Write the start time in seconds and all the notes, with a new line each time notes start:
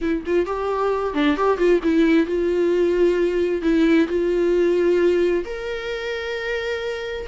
0.01 E4
0.26 F4
0.46 G4
1.14 D4
1.37 G4
1.57 F4
1.83 E4
2.26 F4
3.62 E4
4.08 F4
5.44 A#4